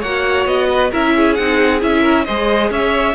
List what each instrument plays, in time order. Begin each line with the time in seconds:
0.00 cello A#3, viola F#4, violin C#5 F#5
0.46 cello B3, violin D#5
0.69 violin B4
0.91 cello C#4, viola E4, violin A#4 E5
1.16 violin G#4
1.35 cello C4, viola D#4, violin F#5
1.80 cello C#4, viola E4, violin E5
2.02 violin A#4
2.25 cello G#3, viola G#4, violin C5 D#5
2.70 cello C#4, violin C#5 E5